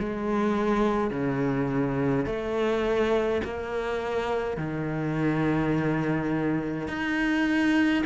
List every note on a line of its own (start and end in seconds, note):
0.00 1.11 G#3
1.11 2.27 C#3
2.27 3.42 A3
3.45 4.58 A#3
4.58 6.89 D#3
6.89 8.04 D#4